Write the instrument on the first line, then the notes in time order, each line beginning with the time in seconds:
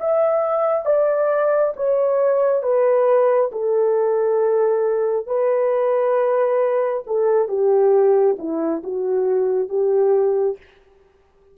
horn
0.00 E5
0.85 D5
1.76 C#5
2.62 B4
3.52 A4
5.27 B4
7.06 A4
7.48 G4
8.39 E4
8.84 F#4
9.69 G4